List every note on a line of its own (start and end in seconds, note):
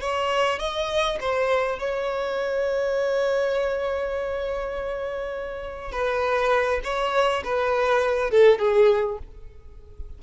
0.00 0.59 C#5
0.59 1.18 D#5
1.20 1.78 C5
1.78 5.91 C#5
5.91 6.80 B4
6.83 7.43 C#5
7.44 8.30 B4
8.30 8.58 A4
8.58 9.18 G#4